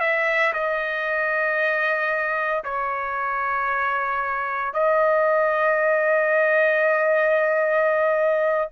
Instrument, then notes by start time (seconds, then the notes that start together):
trumpet
0.00 E5
0.53 D#5
2.64 C#5
4.74 D#5